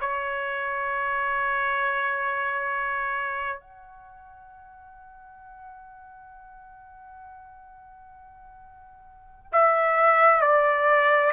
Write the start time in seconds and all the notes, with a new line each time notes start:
0.00 C#5
3.60 F#5
9.52 E5
10.40 D5